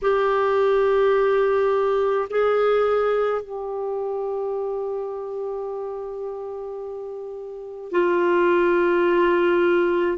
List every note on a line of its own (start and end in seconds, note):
0.02 2.28 G4
2.30 3.42 G#4
3.42 7.91 G4
7.91 10.17 F4